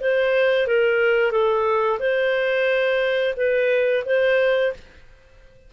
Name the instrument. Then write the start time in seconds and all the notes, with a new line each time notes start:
clarinet
0.00 C5
0.66 A#4
1.31 A4
1.99 C5
3.36 B4
4.05 C5